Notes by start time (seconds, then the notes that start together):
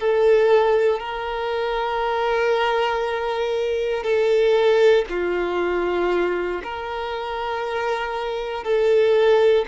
0.00 A4
0.99 A#4
4.04 A4
5.09 F4
6.63 A#4
8.64 A4